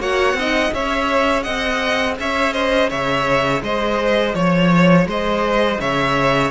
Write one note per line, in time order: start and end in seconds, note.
0.00 0.34 A#3
0.00 0.36 F#4
0.00 0.38 C#5
0.00 0.73 F#5
0.34 0.70 C4
0.34 0.74 D#4
0.34 0.74 D#5
0.74 1.46 C#4
0.74 6.51 G#4
0.74 1.44 C#5
0.74 1.43 E5
1.43 2.19 C4
1.43 2.16 D#5
1.43 2.15 F#5
2.19 2.92 C#4
2.19 2.54 C#5
2.19 2.54 E5
2.54 2.89 C5
2.54 2.90 D#5
2.89 3.62 C#3
2.89 3.62 C#5
2.89 3.63 E5
3.62 4.34 G#3
3.62 4.35 C5
3.62 4.35 D#5
4.35 5.06 F3
4.35 5.07 C#5
4.35 5.08 C#5
5.06 5.79 G#3
5.06 5.81 C5
5.06 5.81 D#5
5.80 6.51 C#3
5.80 6.51 C#5
5.80 6.51 E5